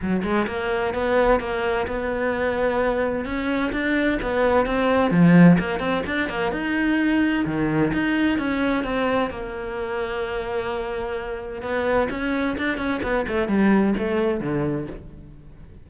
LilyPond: \new Staff \with { instrumentName = "cello" } { \time 4/4 \tempo 4 = 129 fis8 gis8 ais4 b4 ais4 | b2. cis'4 | d'4 b4 c'4 f4 | ais8 c'8 d'8 ais8 dis'2 |
dis4 dis'4 cis'4 c'4 | ais1~ | ais4 b4 cis'4 d'8 cis'8 | b8 a8 g4 a4 d4 | }